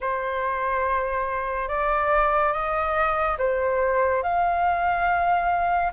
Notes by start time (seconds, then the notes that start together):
0.00 C5
1.68 D5
2.52 D#5
3.38 C5
4.23 F5